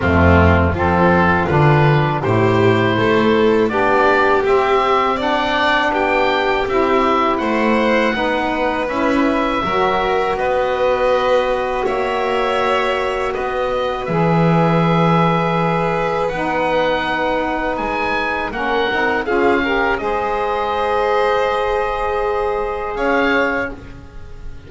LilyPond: <<
  \new Staff \with { instrumentName = "oboe" } { \time 4/4 \tempo 4 = 81 f'4 a'4 b'4 c''4~ | c''4 d''4 e''4 fis''4 | g''4 e''4 fis''2 | e''2 dis''2 |
e''2 dis''4 e''4~ | e''2 fis''2 | gis''4 fis''4 f''4 dis''4~ | dis''2. f''4 | }
  \new Staff \with { instrumentName = "violin" } { \time 4/4 c'4 f'2 g'4 | a'4 g'2 d''4 | g'2 c''4 b'4~ | b'4 ais'4 b'2 |
cis''2 b'2~ | b'1~ | b'4 ais'4 gis'8 ais'8 c''4~ | c''2. cis''4 | }
  \new Staff \with { instrumentName = "saxophone" } { \time 4/4 a4 c'4 d'4 e'4~ | e'4 d'4 c'4 d'4~ | d'4 e'2 dis'4 | e'4 fis'2.~ |
fis'2. gis'4~ | gis'2 dis'2~ | dis'4 cis'8 dis'8 f'8 g'8 gis'4~ | gis'1 | }
  \new Staff \with { instrumentName = "double bass" } { \time 4/4 f,4 f4 d4 a,4 | a4 b4 c'2 | b4 c'4 a4 b4 | cis'4 fis4 b2 |
ais2 b4 e4~ | e2 b2 | gis4 ais8 c'8 cis'4 gis4~ | gis2. cis'4 | }
>>